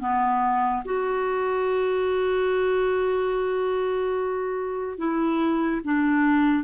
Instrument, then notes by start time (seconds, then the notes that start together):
clarinet
0.00 B3
0.85 F#4
4.98 E4
5.84 D4